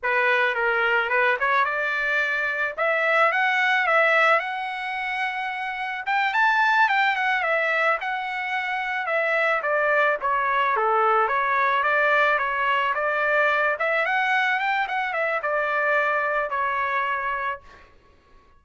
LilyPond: \new Staff \with { instrumentName = "trumpet" } { \time 4/4 \tempo 4 = 109 b'4 ais'4 b'8 cis''8 d''4~ | d''4 e''4 fis''4 e''4 | fis''2. g''8 a''8~ | a''8 g''8 fis''8 e''4 fis''4.~ |
fis''8 e''4 d''4 cis''4 a'8~ | a'8 cis''4 d''4 cis''4 d''8~ | d''4 e''8 fis''4 g''8 fis''8 e''8 | d''2 cis''2 | }